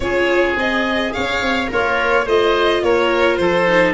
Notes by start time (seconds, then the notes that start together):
0.00 C#4 F4 G#4 C#5
0.56 C4 G#4 D#5
1.12 C#4 C#5 F5
1.41 C4
1.66 A#3 F4 A#4 C#5
2.25 A3 F4 C5 D#5
2.82 A#3 A#4 C#5
3.36 F3 A4 C5
3.68 D#4